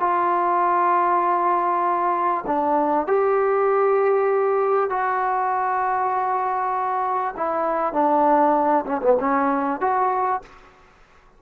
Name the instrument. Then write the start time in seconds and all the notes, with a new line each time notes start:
trombone
0.00 F4
2.47 D4
3.08 G4
4.90 F#4
7.37 E4
7.93 D4
8.86 C#4
9.02 B3
9.20 C#4
9.81 F#4